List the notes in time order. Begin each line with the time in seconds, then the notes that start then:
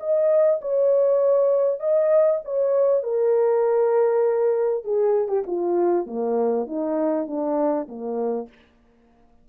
0.00 D#5
0.61 C#5
1.80 D#5
2.45 C#5
3.03 A#4
4.84 G#4
5.28 G4
5.47 F4
6.06 A#3
6.67 D#4
7.27 D4
7.88 A#3